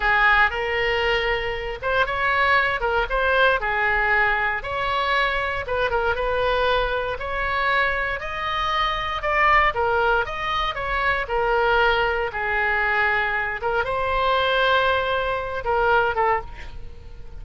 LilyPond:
\new Staff \with { instrumentName = "oboe" } { \time 4/4 \tempo 4 = 117 gis'4 ais'2~ ais'8 c''8 | cis''4. ais'8 c''4 gis'4~ | gis'4 cis''2 b'8 ais'8 | b'2 cis''2 |
dis''2 d''4 ais'4 | dis''4 cis''4 ais'2 | gis'2~ gis'8 ais'8 c''4~ | c''2~ c''8 ais'4 a'8 | }